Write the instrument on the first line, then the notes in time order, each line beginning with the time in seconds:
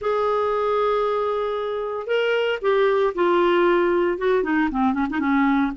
clarinet
0.01 G#4
2.06 A#4
2.61 G4
3.14 F4
4.17 F#4
4.43 D#4
4.71 C4
4.93 C#4
5.10 D#4
5.19 C#4